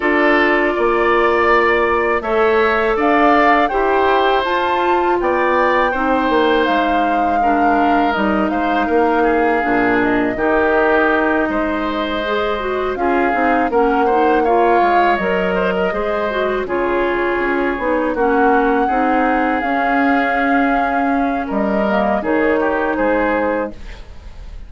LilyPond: <<
  \new Staff \with { instrumentName = "flute" } { \time 4/4 \tempo 4 = 81 d''2. e''4 | f''4 g''4 a''4 g''4~ | g''4 f''2 dis''8 f''8~ | f''4. dis''2~ dis''8~ |
dis''4. f''4 fis''4 f''8~ | f''8 dis''2 cis''4.~ | cis''8 fis''2 f''4.~ | f''4 dis''4 cis''4 c''4 | }
  \new Staff \with { instrumentName = "oboe" } { \time 4/4 a'4 d''2 cis''4 | d''4 c''2 d''4 | c''2 ais'4. c''8 | ais'8 gis'4. g'4. c''8~ |
c''4. gis'4 ais'8 c''8 cis''8~ | cis''4 c''16 ais'16 c''4 gis'4.~ | gis'8 fis'4 gis'2~ gis'8~ | gis'4 ais'4 gis'8 g'8 gis'4 | }
  \new Staff \with { instrumentName = "clarinet" } { \time 4/4 f'2. a'4~ | a'4 g'4 f'2 | dis'2 d'4 dis'4~ | dis'4 d'4 dis'2~ |
dis'8 gis'8 fis'8 f'8 dis'8 cis'8 dis'8 f'8~ | f'8 ais'4 gis'8 fis'8 f'4. | dis'8 cis'4 dis'4 cis'4.~ | cis'4. ais8 dis'2 | }
  \new Staff \with { instrumentName = "bassoon" } { \time 4/4 d'4 ais2 a4 | d'4 e'4 f'4 b4 | c'8 ais8 gis2 g8 gis8 | ais4 ais,4 dis4. gis8~ |
gis4. cis'8 c'8 ais4. | gis8 fis4 gis4 cis4 cis'8 | b8 ais4 c'4 cis'4.~ | cis'4 g4 dis4 gis4 | }
>>